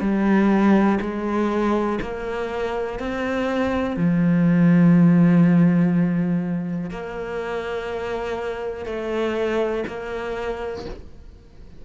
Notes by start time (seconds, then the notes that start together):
0.00 G3
1.01 G#3
2.01 A#3
2.99 C4
3.96 F3
6.90 A#3
8.85 A3
9.87 A#3